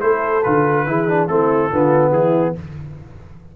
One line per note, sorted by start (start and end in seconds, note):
0.00 0.45 A3
0.00 0.42 E4
0.00 0.86 A4
0.00 0.43 C5
0.43 0.87 D3
0.43 0.87 F4
0.43 1.28 B4
0.87 1.28 E3
0.87 1.08 E4
0.87 1.30 G#4
1.08 1.29 D4
1.28 1.70 A3
1.28 1.71 C4
1.28 1.71 E4
1.28 2.12 A4
1.71 2.11 D3
1.71 2.56 B3
1.71 2.12 F4
2.11 2.54 E3
2.11 2.54 E4
2.11 2.55 G#4